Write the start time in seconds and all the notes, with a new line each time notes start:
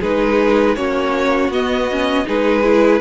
0.00 G#3 D#4 G#4 B4
0.75 A#3 C#4 F#4 C#5
1.49 B3 D#5
1.91 C#4
2.25 G#3 D#4 G#4 B4
2.63 E4